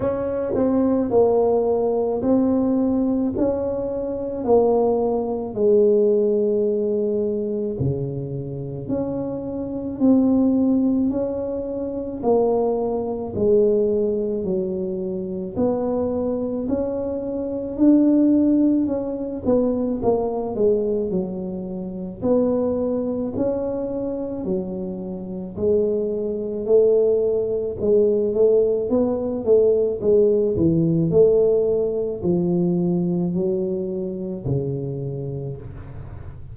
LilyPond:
\new Staff \with { instrumentName = "tuba" } { \time 4/4 \tempo 4 = 54 cis'8 c'8 ais4 c'4 cis'4 | ais4 gis2 cis4 | cis'4 c'4 cis'4 ais4 | gis4 fis4 b4 cis'4 |
d'4 cis'8 b8 ais8 gis8 fis4 | b4 cis'4 fis4 gis4 | a4 gis8 a8 b8 a8 gis8 e8 | a4 f4 fis4 cis4 | }